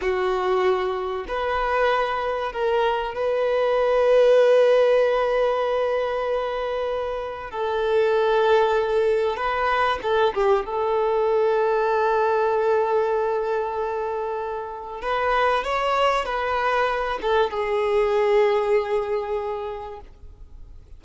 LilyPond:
\new Staff \with { instrumentName = "violin" } { \time 4/4 \tempo 4 = 96 fis'2 b'2 | ais'4 b'2.~ | b'1 | a'2. b'4 |
a'8 g'8 a'2.~ | a'1 | b'4 cis''4 b'4. a'8 | gis'1 | }